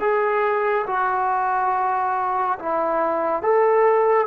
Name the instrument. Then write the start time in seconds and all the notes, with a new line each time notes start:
trombone
0.00 G#4
0.87 F#4
2.59 E4
3.42 A4